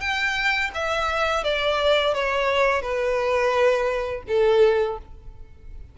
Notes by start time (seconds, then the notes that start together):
0.00 G5
0.74 E5
1.44 D5
2.14 C#5
2.82 B4
4.27 A4